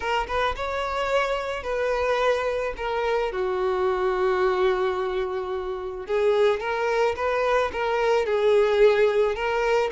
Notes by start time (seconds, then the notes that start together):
0.00 A#4
0.27 B4
0.56 C#5
1.63 B4
2.76 A#4
3.32 F#4
6.06 G#4
6.60 A#4
7.16 B4
7.72 A#4
8.25 G#4
9.35 A#4